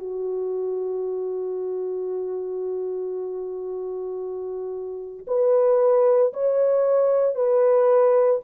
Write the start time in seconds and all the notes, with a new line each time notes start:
0.00 F#4
5.28 B4
6.34 C#5
7.35 B4